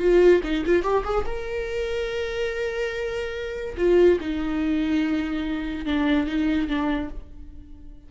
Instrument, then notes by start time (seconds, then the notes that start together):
viola
0.00 F4
0.44 D#4
0.66 F4
0.83 G4
1.04 G#4
1.26 A#4
3.78 F4
4.21 D#4
5.86 D4
6.27 D#4
6.69 D4